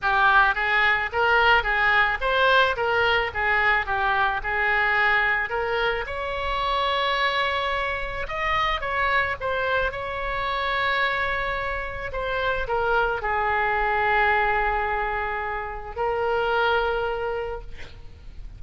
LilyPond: \new Staff \with { instrumentName = "oboe" } { \time 4/4 \tempo 4 = 109 g'4 gis'4 ais'4 gis'4 | c''4 ais'4 gis'4 g'4 | gis'2 ais'4 cis''4~ | cis''2. dis''4 |
cis''4 c''4 cis''2~ | cis''2 c''4 ais'4 | gis'1~ | gis'4 ais'2. | }